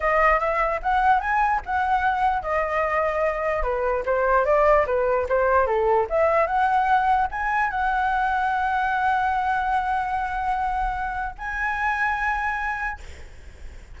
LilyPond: \new Staff \with { instrumentName = "flute" } { \time 4/4 \tempo 4 = 148 dis''4 e''4 fis''4 gis''4 | fis''2 dis''2~ | dis''4 b'4 c''4 d''4 | b'4 c''4 a'4 e''4 |
fis''2 gis''4 fis''4~ | fis''1~ | fis''1 | gis''1 | }